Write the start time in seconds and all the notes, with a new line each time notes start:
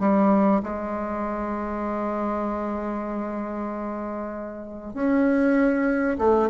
0.00 G3
0.63 G#3
4.94 C#4
6.19 A3